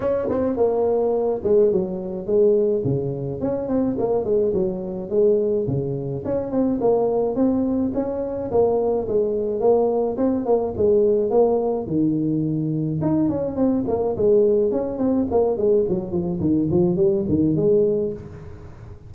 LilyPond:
\new Staff \with { instrumentName = "tuba" } { \time 4/4 \tempo 4 = 106 cis'8 c'8 ais4. gis8 fis4 | gis4 cis4 cis'8 c'8 ais8 gis8 | fis4 gis4 cis4 cis'8 c'8 | ais4 c'4 cis'4 ais4 |
gis4 ais4 c'8 ais8 gis4 | ais4 dis2 dis'8 cis'8 | c'8 ais8 gis4 cis'8 c'8 ais8 gis8 | fis8 f8 dis8 f8 g8 dis8 gis4 | }